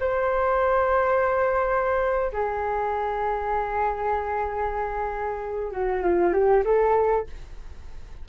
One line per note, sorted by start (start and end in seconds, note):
0.00 2.32 C5
2.33 5.72 G#4
5.72 6.03 F#4
6.03 6.33 F4
6.33 6.64 G4
6.65 7.27 A4